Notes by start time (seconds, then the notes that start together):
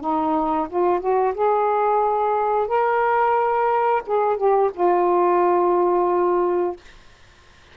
0.00 D#4
0.69 F4
1.00 F#4
1.34 G#4
2.67 A#4
4.06 G#4
4.37 G4
4.74 F4